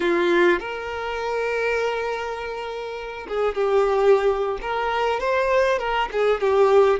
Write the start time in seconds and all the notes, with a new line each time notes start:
0.00 F4
0.59 A#4
3.28 G#4
3.54 G4
4.61 A#4
5.20 C5
5.79 A#4
6.12 G#4
6.40 G4